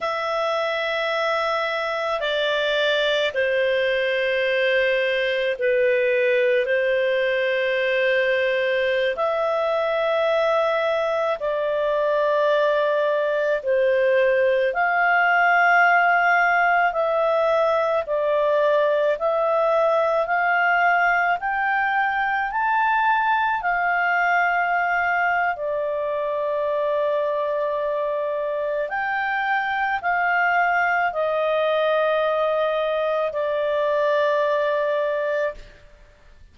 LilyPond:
\new Staff \with { instrumentName = "clarinet" } { \time 4/4 \tempo 4 = 54 e''2 d''4 c''4~ | c''4 b'4 c''2~ | c''16 e''2 d''4.~ d''16~ | d''16 c''4 f''2 e''8.~ |
e''16 d''4 e''4 f''4 g''8.~ | g''16 a''4 f''4.~ f''16 d''4~ | d''2 g''4 f''4 | dis''2 d''2 | }